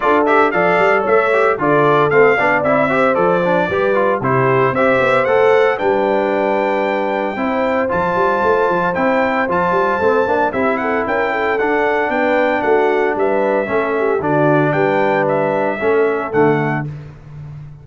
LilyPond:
<<
  \new Staff \with { instrumentName = "trumpet" } { \time 4/4 \tempo 4 = 114 d''8 e''8 f''4 e''4 d''4 | f''4 e''4 d''2 | c''4 e''4 fis''4 g''4~ | g''2. a''4~ |
a''4 g''4 a''2 | e''8 fis''8 g''4 fis''4 g''4 | fis''4 e''2 d''4 | g''4 e''2 fis''4 | }
  \new Staff \with { instrumentName = "horn" } { \time 4/4 a'4 d''4 cis''4 a'4~ | a'8 d''4 c''4. b'4 | g'4 c''2 b'4~ | b'2 c''2~ |
c''1 | g'8 a'8 ais'8 a'4. b'4 | fis'4 b'4 a'8 g'8 fis'4 | b'2 a'2 | }
  \new Staff \with { instrumentName = "trombone" } { \time 4/4 f'8 g'8 a'4. g'8 f'4 | c'8 d'8 e'8 g'8 a'8 d'8 g'8 f'8 | e'4 g'4 a'4 d'4~ | d'2 e'4 f'4~ |
f'4 e'4 f'4 c'8 d'8 | e'2 d'2~ | d'2 cis'4 d'4~ | d'2 cis'4 a4 | }
  \new Staff \with { instrumentName = "tuba" } { \time 4/4 d'4 f8 g8 a4 d4 | a8 b8 c'4 f4 g4 | c4 c'8 b8 a4 g4~ | g2 c'4 f8 g8 |
a8 f8 c'4 f8 g8 a8 ais8 | c'4 cis'4 d'4 b4 | a4 g4 a4 d4 | g2 a4 d4 | }
>>